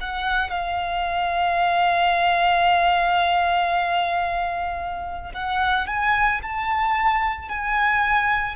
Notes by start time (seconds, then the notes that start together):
0.00 F#5
0.50 F5
5.34 F#5
5.87 G#5
6.42 A5
7.49 G#5